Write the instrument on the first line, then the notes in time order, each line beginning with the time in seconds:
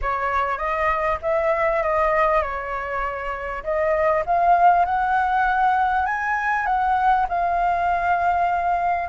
flute
0.01 C#5
0.58 D#5
1.22 E5
1.83 D#5
2.41 C#5
3.63 D#5
4.26 F5
4.85 F#5
6.06 G#5
6.65 F#5
7.28 F5